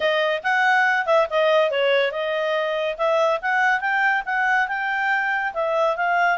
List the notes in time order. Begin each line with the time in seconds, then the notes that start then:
0.00 D#5
0.43 F#5
1.05 E5
1.30 D#5
1.70 C#5
2.11 D#5
2.97 E5
3.41 F#5
3.80 G5
4.25 F#5
4.68 G5
5.53 E5
5.96 F5